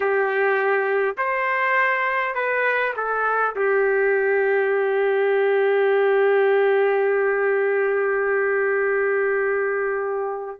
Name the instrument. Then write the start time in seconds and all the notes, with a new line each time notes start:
trumpet
0.00 G4
1.17 C5
2.34 B4
2.96 A4
3.55 G4